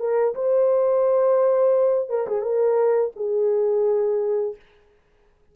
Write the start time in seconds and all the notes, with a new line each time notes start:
0.00 A#4
0.35 C5
2.10 A#4
2.28 G#4
2.42 A#4
3.17 G#4